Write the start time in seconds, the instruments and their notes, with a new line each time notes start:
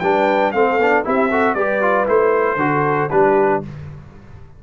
0.00 tuba G3, trombone D4, horn B4, trumpet G5
0.52 tuba A3, trombone C4, horn A4, trumpet F5
0.78 tuba B3, trombone D4
1.04 tuba C4, trombone E4, horn G4, trumpet E5
1.30 trombone F#4, horn A4
1.54 tuba G3, trombone G4, horn B4, trumpet D5
1.82 trombone F4
2.07 tuba A3, trombone E4, trumpet C5
2.56 tuba D3, trombone F#4
2.62 horn A4
3.10 tuba G3, trombone D4, horn G4, trumpet B4